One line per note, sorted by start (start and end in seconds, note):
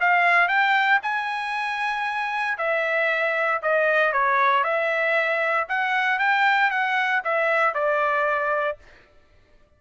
0.00 0.48 F5
0.48 1.00 G5
1.03 2.58 G#5
2.58 3.61 E5
3.62 4.12 D#5
4.12 4.64 C#5
4.64 5.67 E5
5.69 6.19 F#5
6.19 6.71 G5
6.71 7.22 F#5
7.24 7.74 E5
7.74 8.78 D5